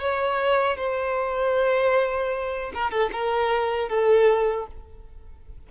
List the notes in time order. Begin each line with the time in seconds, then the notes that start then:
0.00 C#5
0.77 C5
2.74 A#4
2.91 A4
3.12 A#4
3.89 A4